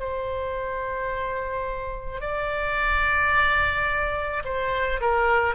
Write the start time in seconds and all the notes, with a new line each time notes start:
0.00 C5
2.21 D5
4.45 C5
5.01 A#4